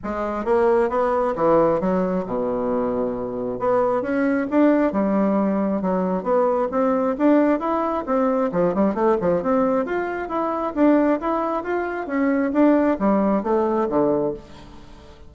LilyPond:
\new Staff \with { instrumentName = "bassoon" } { \time 4/4 \tempo 4 = 134 gis4 ais4 b4 e4 | fis4 b,2. | b4 cis'4 d'4 g4~ | g4 fis4 b4 c'4 |
d'4 e'4 c'4 f8 g8 | a8 f8 c'4 f'4 e'4 | d'4 e'4 f'4 cis'4 | d'4 g4 a4 d4 | }